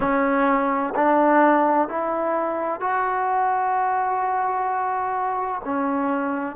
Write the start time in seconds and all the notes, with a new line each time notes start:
0.00 C#4
0.95 D4
1.88 E4
2.80 F#4
5.64 C#4